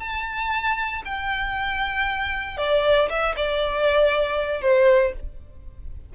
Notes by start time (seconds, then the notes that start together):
0.00 A5
1.05 G5
2.58 D5
3.10 E5
3.37 D5
4.62 C5